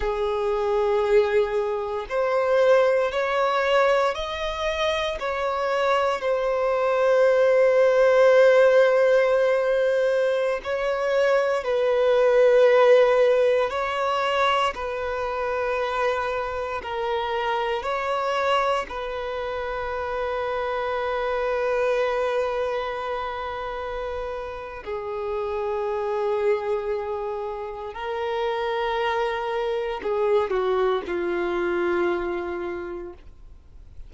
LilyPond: \new Staff \with { instrumentName = "violin" } { \time 4/4 \tempo 4 = 58 gis'2 c''4 cis''4 | dis''4 cis''4 c''2~ | c''2~ c''16 cis''4 b'8.~ | b'4~ b'16 cis''4 b'4.~ b'16~ |
b'16 ais'4 cis''4 b'4.~ b'16~ | b'1 | gis'2. ais'4~ | ais'4 gis'8 fis'8 f'2 | }